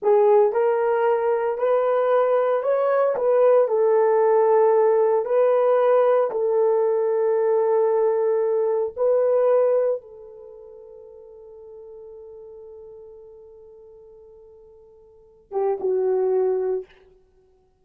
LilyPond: \new Staff \with { instrumentName = "horn" } { \time 4/4 \tempo 4 = 114 gis'4 ais'2 b'4~ | b'4 cis''4 b'4 a'4~ | a'2 b'2 | a'1~ |
a'4 b'2 a'4~ | a'1~ | a'1~ | a'4. g'8 fis'2 | }